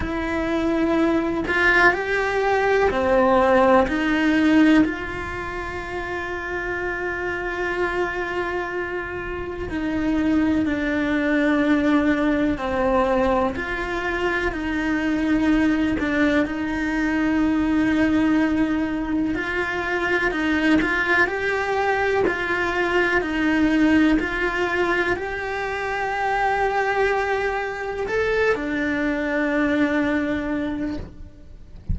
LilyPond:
\new Staff \with { instrumentName = "cello" } { \time 4/4 \tempo 4 = 62 e'4. f'8 g'4 c'4 | dis'4 f'2.~ | f'2 dis'4 d'4~ | d'4 c'4 f'4 dis'4~ |
dis'8 d'8 dis'2. | f'4 dis'8 f'8 g'4 f'4 | dis'4 f'4 g'2~ | g'4 a'8 d'2~ d'8 | }